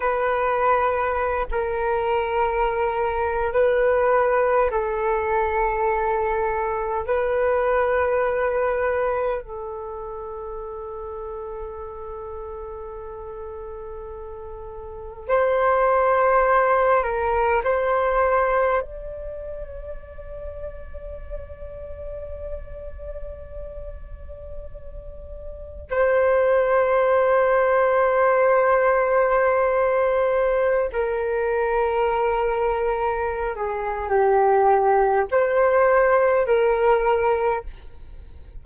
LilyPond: \new Staff \with { instrumentName = "flute" } { \time 4/4 \tempo 4 = 51 b'4~ b'16 ais'4.~ ais'16 b'4 | a'2 b'2 | a'1~ | a'4 c''4. ais'8 c''4 |
d''1~ | d''2 c''2~ | c''2~ c''16 ais'4.~ ais'16~ | ais'8 gis'8 g'4 c''4 ais'4 | }